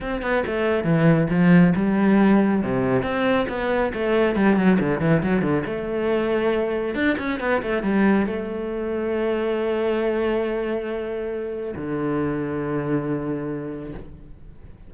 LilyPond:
\new Staff \with { instrumentName = "cello" } { \time 4/4 \tempo 4 = 138 c'8 b8 a4 e4 f4 | g2 c4 c'4 | b4 a4 g8 fis8 d8 e8 | fis8 d8 a2. |
d'8 cis'8 b8 a8 g4 a4~ | a1~ | a2. d4~ | d1 | }